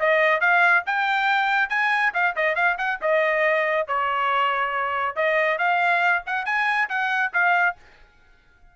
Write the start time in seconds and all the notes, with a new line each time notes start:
0.00 D#5
0.41 F5
0.86 G5
1.70 G#5
2.14 F5
2.36 D#5
2.56 F5
2.78 F#5
3.02 D#5
3.88 C#5
5.16 D#5
5.58 F5
6.26 F#5
6.46 G#5
6.89 F#5
7.33 F5